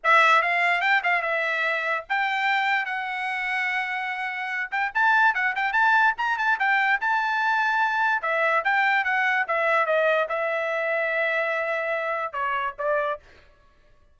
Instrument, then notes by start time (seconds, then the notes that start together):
trumpet
0.03 E5
0.41 F5
0.81 G5
1.03 F5
1.22 E5
2.09 G5
2.85 F#5
4.71 G5
4.94 A5
5.34 F#5
5.55 G5
5.72 A5
6.17 A#5
6.38 A5
6.59 G5
7.01 A5
8.22 E5
8.64 G5
9.04 F#5
9.47 E5
9.86 D#5
10.28 E5
12.32 C#5
12.78 D5